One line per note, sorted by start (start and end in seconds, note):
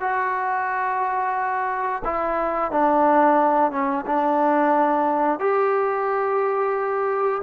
0.00 2.02 F#4
2.04 2.71 E4
2.71 3.71 D4
3.71 4.05 C#4
4.06 5.39 D4
5.39 7.41 G4